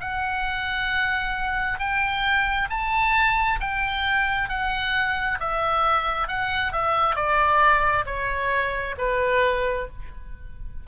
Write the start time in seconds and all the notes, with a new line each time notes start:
0.00 F#5
1.79 G5
2.69 A5
3.60 G5
4.49 F#5
5.39 E5
6.27 F#5
6.72 E5
7.15 D5
8.06 C#5
8.98 B4